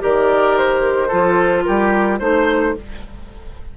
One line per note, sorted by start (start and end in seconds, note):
0.00 1.12 D#3
0.00 1.09 G4
0.00 1.08 A#4
0.00 0.58 D5
0.58 1.64 C5
1.08 1.67 F3
1.08 2.20 F4
1.08 1.63 A4
1.64 2.20 G3
1.64 2.20 G4
1.64 2.18 A#4
2.20 2.75 A3
2.20 2.75 D#4
2.20 2.74 C5
2.20 2.77 C5